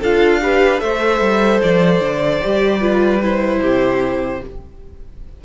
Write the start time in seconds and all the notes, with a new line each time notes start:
0.00 D4 F4 A4 F5
0.41 G4 B4
0.78 A3 A4 C5 E5
1.20 G3
1.62 F3 D5
2.00 D3
2.42 G3 G4
2.80 F4 B4
3.21 E4 C5
3.60 C3 G4